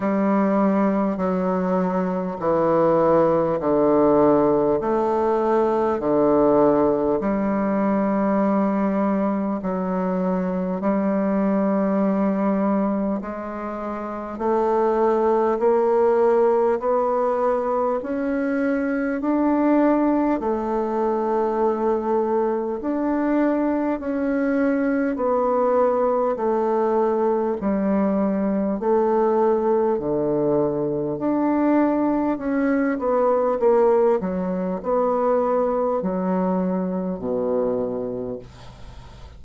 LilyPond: \new Staff \with { instrumentName = "bassoon" } { \time 4/4 \tempo 4 = 50 g4 fis4 e4 d4 | a4 d4 g2 | fis4 g2 gis4 | a4 ais4 b4 cis'4 |
d'4 a2 d'4 | cis'4 b4 a4 g4 | a4 d4 d'4 cis'8 b8 | ais8 fis8 b4 fis4 b,4 | }